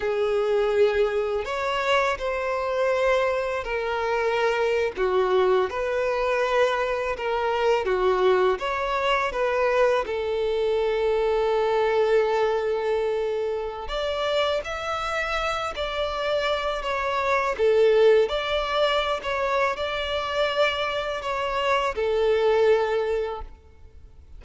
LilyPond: \new Staff \with { instrumentName = "violin" } { \time 4/4 \tempo 4 = 82 gis'2 cis''4 c''4~ | c''4 ais'4.~ ais'16 fis'4 b'16~ | b'4.~ b'16 ais'4 fis'4 cis''16~ | cis''8. b'4 a'2~ a'16~ |
a'2. d''4 | e''4. d''4. cis''4 | a'4 d''4~ d''16 cis''8. d''4~ | d''4 cis''4 a'2 | }